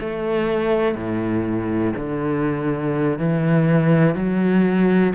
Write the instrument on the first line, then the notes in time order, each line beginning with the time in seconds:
cello
0.00 A3
0.95 A2
1.97 D3
3.18 E3
4.15 F#3